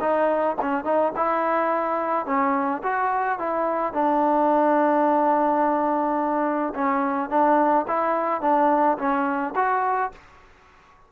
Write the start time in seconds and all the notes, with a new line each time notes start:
0.00 D#4
0.61 C#4
0.84 D#4
1.16 E4
2.25 C#4
2.83 F#4
3.38 E4
3.93 D4
6.74 C#4
7.29 D4
7.87 E4
8.41 D4
8.98 C#4
9.55 F#4